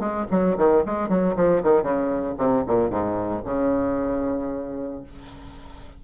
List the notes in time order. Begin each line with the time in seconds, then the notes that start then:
0.00 G#3
0.31 F#3
0.58 D#3
0.86 G#3
1.09 F#3
1.37 F3
1.64 D#3
1.83 C#3
2.39 C3
2.68 A#2
2.91 G#2
3.45 C#3